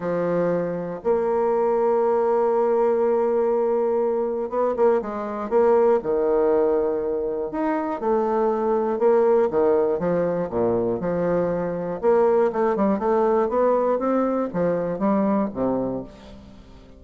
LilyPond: \new Staff \with { instrumentName = "bassoon" } { \time 4/4 \tempo 4 = 120 f2 ais2~ | ais1~ | ais4 b8 ais8 gis4 ais4 | dis2. dis'4 |
a2 ais4 dis4 | f4 ais,4 f2 | ais4 a8 g8 a4 b4 | c'4 f4 g4 c4 | }